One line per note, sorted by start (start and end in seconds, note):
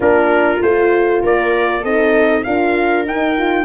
0.00 0.59 A#3
0.00 0.60 D4
0.00 1.21 F4
0.00 0.62 A#4
0.61 1.22 A3
0.61 1.84 F4
0.61 1.23 C5
1.22 1.84 A#3
1.22 1.81 A#4
1.22 1.84 D5
1.81 2.45 C4
1.81 2.45 D#4
1.81 2.42 A4
1.81 2.43 D#5
2.43 3.05 D4
2.43 3.06 F4
2.43 3.65 A#4
2.43 3.04 F5
3.05 3.65 D#4
3.05 3.37 D#4
3.05 3.65 G5
3.37 3.65 F4